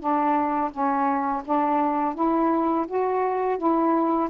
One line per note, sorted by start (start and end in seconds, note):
0.00 0.71 D4
0.71 1.43 C#4
1.45 2.15 D4
2.15 2.86 E4
2.88 3.58 F#4
3.58 4.30 E4